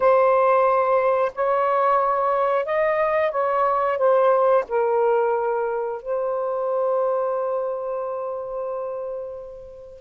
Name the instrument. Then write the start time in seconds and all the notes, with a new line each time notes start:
saxophone
0.00 C5
1.35 C#5
2.65 D#5
3.31 C#5
3.98 C5
4.68 A#4
6.02 C5